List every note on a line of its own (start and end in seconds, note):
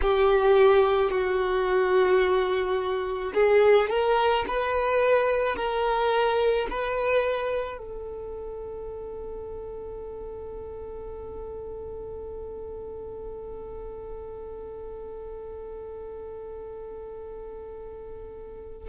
0.02 1.11 G4
1.11 3.33 F#4
3.34 3.89 G#4
3.89 4.44 A#4
4.47 5.56 B4
5.56 6.67 A#4
6.69 7.78 B4
7.78 18.89 A4